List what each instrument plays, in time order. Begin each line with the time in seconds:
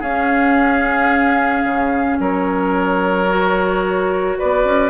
0.00 bassoon C#4, clarinet C#4, oboe G#4, flute F5
1.65 bassoon C#3
2.20 bassoon F#3, oboe A#4, flute C#5
3.28 clarinet F#4
4.39 bassoon B3, oboe B4, flute D5
4.65 bassoon C#4